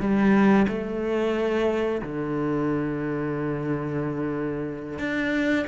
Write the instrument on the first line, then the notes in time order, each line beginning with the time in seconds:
cello
0.00 G3
0.68 A3
2.02 D3
4.99 D4